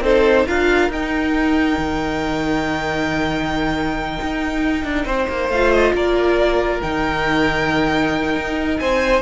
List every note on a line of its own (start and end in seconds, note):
0.00 0.44 C4
0.00 0.47 D#4
0.00 0.46 A4
0.00 0.47 C5
0.46 0.89 D4
0.46 0.91 F4
0.46 5.05 A#4
0.46 0.91 F5
0.89 1.77 D#4
0.89 5.53 D#4
0.89 5.50 G5
1.77 4.18 D#3
4.21 4.84 D#4
4.84 5.05 D4
5.05 5.27 C4
5.05 5.92 C5
5.29 5.49 A#3
5.49 5.93 A3
5.49 6.82 F4
5.49 5.71 F5
5.71 5.93 D#5
5.93 6.80 A#3
5.93 8.80 A#4
5.93 6.81 D5
6.81 8.36 D#3
6.81 9.22 D#4
6.81 8.78 G5
8.36 8.79 D#4
8.78 9.22 C4
8.78 9.22 C5
8.78 9.21 G#5